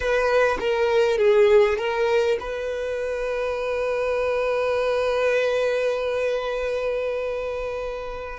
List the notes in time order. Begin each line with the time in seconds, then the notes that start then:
0.00 B4
0.59 A#4
1.18 G#4
1.77 A#4
2.39 B4